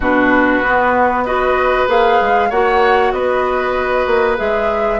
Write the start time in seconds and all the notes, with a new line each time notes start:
0.00 B2 D4 F#4 B4
0.61 B3
1.24 F#4 B4 D#5
1.88 A#3 G#4 F5
2.21 G#3
2.49 A#3 F#4 C#5 F#5
3.11 B3 B4 D#5
4.07 A#3
4.37 G#3 G#4 E5